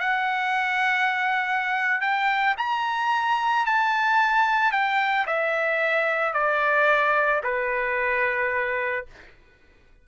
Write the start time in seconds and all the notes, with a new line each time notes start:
0.00 F#5
2.01 G5
2.58 A#5
3.66 A5
4.72 G5
5.27 E5
6.34 D5
7.44 B4